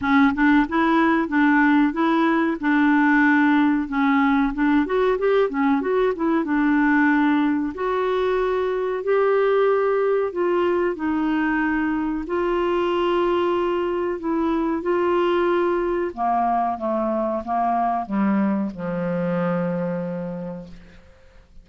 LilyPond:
\new Staff \with { instrumentName = "clarinet" } { \time 4/4 \tempo 4 = 93 cis'8 d'8 e'4 d'4 e'4 | d'2 cis'4 d'8 fis'8 | g'8 cis'8 fis'8 e'8 d'2 | fis'2 g'2 |
f'4 dis'2 f'4~ | f'2 e'4 f'4~ | f'4 ais4 a4 ais4 | g4 f2. | }